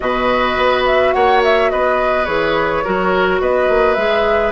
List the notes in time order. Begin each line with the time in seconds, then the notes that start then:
0.00 B2 F#4 B4 D#5
0.57 B3
0.85 E5
1.12 A#3 C#5 F#5
1.43 E5
1.70 B3 B4 D#5
2.25 E3 G#4 C#5
2.84 F#3 F#4 A#4
3.40 B3 B4 D#5
3.69 A#3
3.94 G#3 G#4 E5